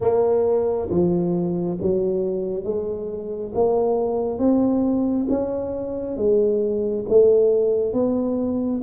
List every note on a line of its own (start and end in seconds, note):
0.00 0.89 A#3
0.89 1.78 F3
1.81 2.64 F#3
2.64 3.52 G#3
3.54 4.38 A#3
4.38 5.27 C4
5.29 6.16 C#4
6.16 7.05 G#3
7.08 7.93 A3
7.93 8.81 B3